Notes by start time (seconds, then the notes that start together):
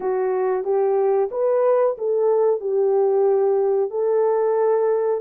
0.00 F#4
0.64 G4
1.31 B4
1.97 A4
2.60 G4
3.90 A4